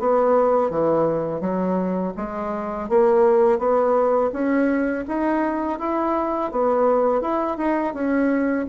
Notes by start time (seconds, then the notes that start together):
0.00 B3
0.70 E3
1.41 F#3
2.17 G#3
2.89 A#3
3.59 B3
4.33 C#4
5.08 D#4
5.79 E4
6.52 B3
7.22 E4
7.58 D#4
7.94 C#4